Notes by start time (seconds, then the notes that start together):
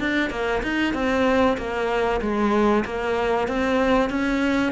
0.00 D4
0.30 A#3
0.63 D#4
0.94 C4
1.58 A#3
2.22 G#3
2.85 A#3
3.49 C4
4.10 C#4